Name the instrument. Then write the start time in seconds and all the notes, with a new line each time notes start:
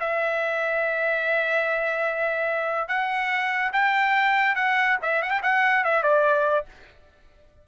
trumpet
0.00 E5
2.88 F#5
3.73 G5
4.56 F#5
5.02 E5
5.22 F#5
5.31 G5
5.43 F#5
5.84 E5
6.03 D5